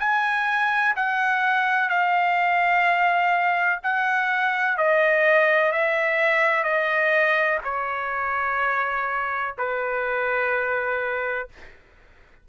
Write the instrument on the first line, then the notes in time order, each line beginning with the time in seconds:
trumpet
0.00 G#5
0.96 F#5
1.89 F5
3.84 F#5
4.77 D#5
5.72 E5
6.64 D#5
7.64 C#5
9.58 B4